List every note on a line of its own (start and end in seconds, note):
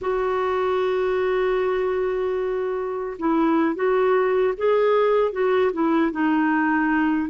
0.01 3.17 F#4
3.18 3.75 E4
3.75 4.54 F#4
4.57 5.32 G#4
5.32 5.71 F#4
5.72 6.11 E4
6.11 7.29 D#4